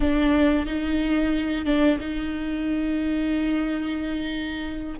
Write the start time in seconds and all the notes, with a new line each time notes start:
0.00 D4
0.66 D#4
1.65 D4
2.00 D#4